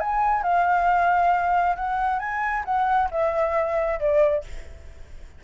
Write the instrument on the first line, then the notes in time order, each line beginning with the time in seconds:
flute
0.00 G#5
0.43 F5
1.76 F#5
2.19 G#5
2.65 F#5
3.11 E5
3.99 D5